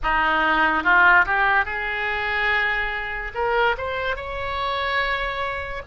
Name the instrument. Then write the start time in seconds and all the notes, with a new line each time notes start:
oboe
0.02 D#4
0.83 F4
1.25 G4
1.65 G#4
3.34 A#4
3.77 C5
4.16 C#5